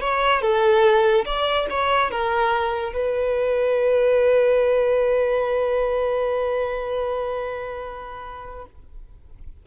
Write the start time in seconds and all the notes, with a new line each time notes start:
0.00 C#5
0.41 A4
1.25 D5
1.70 C#5
2.10 A#4
2.92 B4